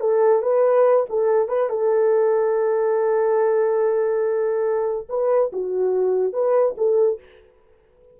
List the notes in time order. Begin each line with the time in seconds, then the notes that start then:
0.00 A4
0.42 B4
1.09 A4
1.48 B4
1.69 A4
5.09 B4
5.53 F#4
6.33 B4
6.77 A4